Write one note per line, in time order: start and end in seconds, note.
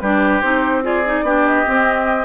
0.00 0.42 G3
0.00 0.42 D4
0.00 0.84 G4
0.00 0.41 B4
0.41 1.22 C4
0.41 0.82 D#4
0.41 0.82 C5
0.82 1.03 F4
0.82 1.25 G#4
0.82 1.46 D5
1.05 1.25 D#4
1.22 1.63 B3
1.22 1.66 D4
1.22 2.24 G4
1.46 2.24 D#5
1.66 2.24 C4